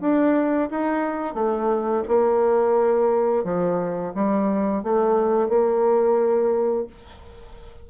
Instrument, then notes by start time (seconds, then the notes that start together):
bassoon
0.00 D4
0.70 D#4
1.34 A3
2.08 A#3
3.44 F3
4.14 G3
4.83 A3
5.49 A#3